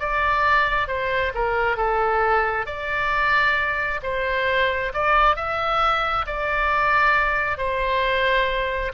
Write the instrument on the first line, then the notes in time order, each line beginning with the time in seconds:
oboe
0.00 D5
0.88 C5
1.35 A#4
1.77 A4
2.67 D5
4.03 C5
4.94 D5
5.36 E5
6.27 D5
7.58 C5